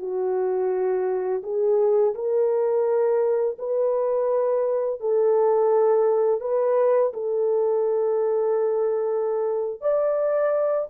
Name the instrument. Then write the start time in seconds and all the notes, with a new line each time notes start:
horn
0.00 F#4
1.44 G#4
2.15 A#4
3.59 B4
5.01 A4
6.41 B4
7.14 A4
9.81 D5